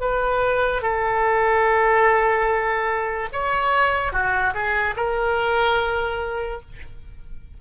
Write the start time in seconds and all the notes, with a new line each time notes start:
0.00 B4
0.82 A4
3.32 C#5
4.12 F#4
4.54 G#4
4.96 A#4